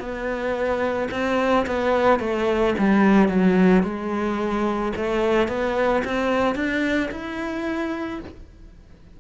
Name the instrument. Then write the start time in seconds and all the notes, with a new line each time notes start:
cello
0.00 B3
1.12 C4
1.67 B3
2.20 A3
2.79 G3
3.29 F#3
3.83 G#3
4.96 A3
5.48 B3
6.05 C4
6.56 D4
7.12 E4